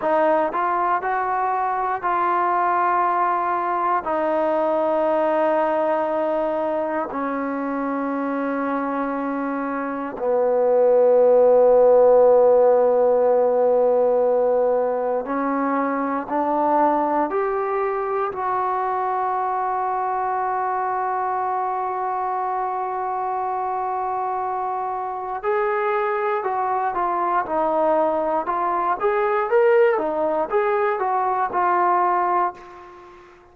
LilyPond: \new Staff \with { instrumentName = "trombone" } { \time 4/4 \tempo 4 = 59 dis'8 f'8 fis'4 f'2 | dis'2. cis'4~ | cis'2 b2~ | b2. cis'4 |
d'4 g'4 fis'2~ | fis'1~ | fis'4 gis'4 fis'8 f'8 dis'4 | f'8 gis'8 ais'8 dis'8 gis'8 fis'8 f'4 | }